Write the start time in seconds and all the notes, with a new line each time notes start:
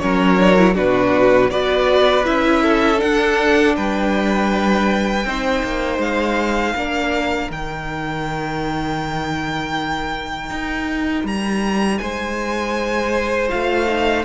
0.00 F#3 C#4 A#4 C#5
0.40 D4
0.58 E4
0.75 B2 D4 F#4 B4
1.51 B3 F#4 B4 D5
2.25 C#4 E4 E5
2.63 A4
2.98 D4 F#5
3.76 G3 B4 G5
5.25 C4 D#4 C5
5.64 A#3
5.99 G#3 F5
6.75 A#3 D4 A#4
7.51 D#3 D#4 G5
10.51 D#4
11.25 G3 A#5
11.99 G#3 C5 G#5
13.50 A3 F4 F5
13.87 D#4